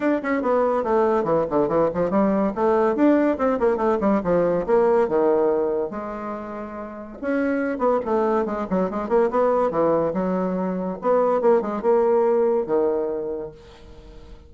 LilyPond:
\new Staff \with { instrumentName = "bassoon" } { \time 4/4 \tempo 4 = 142 d'8 cis'8 b4 a4 e8 d8 | e8 f8 g4 a4 d'4 | c'8 ais8 a8 g8 f4 ais4 | dis2 gis2~ |
gis4 cis'4. b8 a4 | gis8 fis8 gis8 ais8 b4 e4 | fis2 b4 ais8 gis8 | ais2 dis2 | }